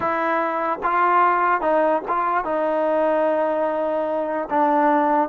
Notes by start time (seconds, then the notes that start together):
0.00 E4
0.83 F4
1.61 D#4
2.08 F4
2.44 D#4
4.49 D4